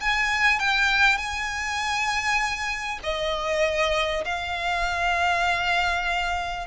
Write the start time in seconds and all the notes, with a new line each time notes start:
0.00 G#5
0.59 G5
1.17 G#5
3.02 D#5
4.25 F5